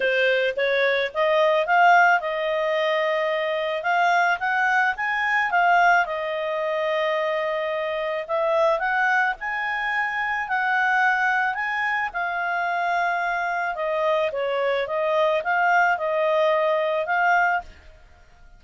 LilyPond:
\new Staff \with { instrumentName = "clarinet" } { \time 4/4 \tempo 4 = 109 c''4 cis''4 dis''4 f''4 | dis''2. f''4 | fis''4 gis''4 f''4 dis''4~ | dis''2. e''4 |
fis''4 gis''2 fis''4~ | fis''4 gis''4 f''2~ | f''4 dis''4 cis''4 dis''4 | f''4 dis''2 f''4 | }